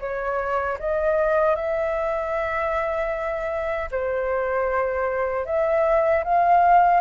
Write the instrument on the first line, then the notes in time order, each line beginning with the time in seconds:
flute
0.00 C#5
0.80 D#5
1.56 E5
3.91 C5
5.46 E5
6.24 F5